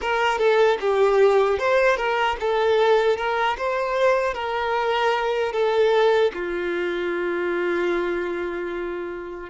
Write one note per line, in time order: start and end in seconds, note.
0.01 0.38 A#4
0.38 0.78 A4
0.80 1.58 G4
1.58 1.97 C5
1.97 2.36 A#4
2.40 3.17 A4
3.17 3.56 A#4
3.57 4.34 C5
4.34 5.52 A#4
5.52 6.31 A4
6.34 9.50 F4